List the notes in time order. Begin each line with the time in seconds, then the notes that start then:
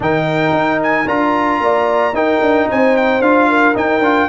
0.00 D#3 D#4 A#4 G5
0.52 D#4
0.83 G#5
1.06 D4 F4 A#5
1.60 A#3 D5
2.12 D#4 A#4 G5
2.41 D4
2.69 C4 C5 G#5
2.97 G5
3.20 D4 F4 F5
3.48 A#4
3.74 D#4 G5
4.00 D4 F4